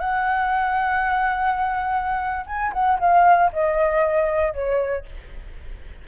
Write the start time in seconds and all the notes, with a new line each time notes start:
0.00 F#5
2.46 G#5
2.73 F#5
2.99 F5
3.53 D#5
4.54 C#5